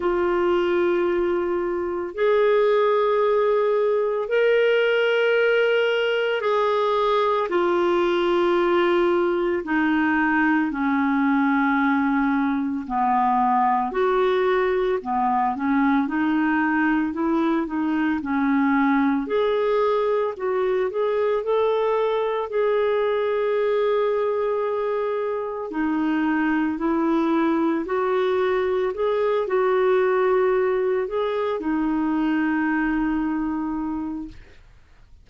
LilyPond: \new Staff \with { instrumentName = "clarinet" } { \time 4/4 \tempo 4 = 56 f'2 gis'2 | ais'2 gis'4 f'4~ | f'4 dis'4 cis'2 | b4 fis'4 b8 cis'8 dis'4 |
e'8 dis'8 cis'4 gis'4 fis'8 gis'8 | a'4 gis'2. | dis'4 e'4 fis'4 gis'8 fis'8~ | fis'4 gis'8 dis'2~ dis'8 | }